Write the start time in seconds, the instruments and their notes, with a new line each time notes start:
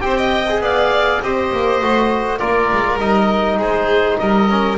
0.00 double bass C4, trombone G4, violin C5, oboe G5
0.17 violin D#5
0.49 trombone G#4
0.60 double bass B3, violin D5, oboe F5
1.22 double bass C4, trombone G4, violin C5, oboe D#5
1.52 double bass A#3
1.81 double bass A3, trombone F#4
2.38 double bass A#3, trombone F4, violin A#4, oboe D5
2.72 double bass G#3
2.99 double bass G3, trombone D#4, oboe D#5
3.57 double bass G#3, violin G#4, oboe C5
4.18 double bass G3, violin A#4, oboe D#5
4.50 trombone C#4